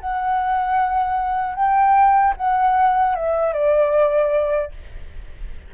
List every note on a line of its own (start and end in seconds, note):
0.00 1.55 F#5
1.55 2.34 G5
2.36 3.15 F#5
3.15 3.53 E5
3.53 4.72 D5